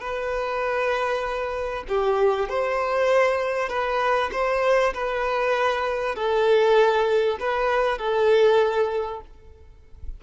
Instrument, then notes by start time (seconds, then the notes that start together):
violin
0.00 B4
1.88 G4
2.49 C5
3.69 B4
4.32 C5
4.94 B4
6.15 A4
7.40 B4
7.98 A4